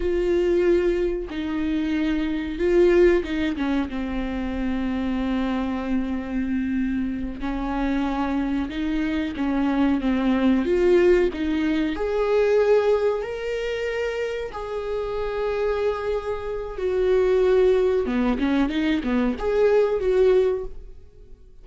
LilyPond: \new Staff \with { instrumentName = "viola" } { \time 4/4 \tempo 4 = 93 f'2 dis'2 | f'4 dis'8 cis'8 c'2~ | c'2.~ c'8 cis'8~ | cis'4. dis'4 cis'4 c'8~ |
c'8 f'4 dis'4 gis'4.~ | gis'8 ais'2 gis'4.~ | gis'2 fis'2 | b8 cis'8 dis'8 b8 gis'4 fis'4 | }